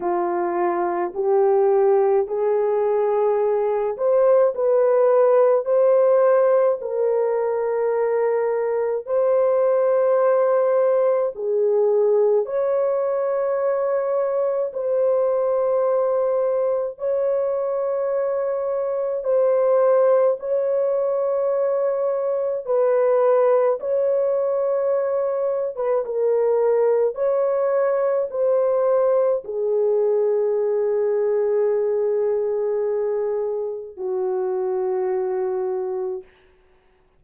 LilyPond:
\new Staff \with { instrumentName = "horn" } { \time 4/4 \tempo 4 = 53 f'4 g'4 gis'4. c''8 | b'4 c''4 ais'2 | c''2 gis'4 cis''4~ | cis''4 c''2 cis''4~ |
cis''4 c''4 cis''2 | b'4 cis''4.~ cis''16 b'16 ais'4 | cis''4 c''4 gis'2~ | gis'2 fis'2 | }